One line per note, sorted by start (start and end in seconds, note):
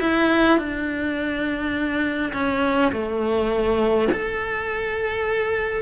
0.00 0.58 E4
0.58 2.32 D4
2.33 2.92 C#4
2.92 4.08 A3
4.12 5.82 A4